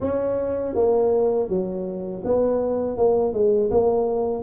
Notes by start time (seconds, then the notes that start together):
0.00 C#4
0.74 A#3
1.48 F#3
2.24 B3
2.97 A#3
3.33 G#3
3.70 A#3